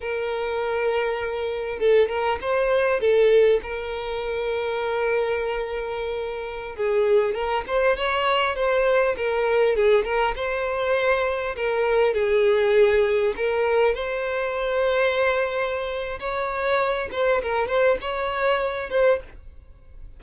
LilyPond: \new Staff \with { instrumentName = "violin" } { \time 4/4 \tempo 4 = 100 ais'2. a'8 ais'8 | c''4 a'4 ais'2~ | ais'2.~ ais'16 gis'8.~ | gis'16 ais'8 c''8 cis''4 c''4 ais'8.~ |
ais'16 gis'8 ais'8 c''2 ais'8.~ | ais'16 gis'2 ais'4 c''8.~ | c''2. cis''4~ | cis''8 c''8 ais'8 c''8 cis''4. c''8 | }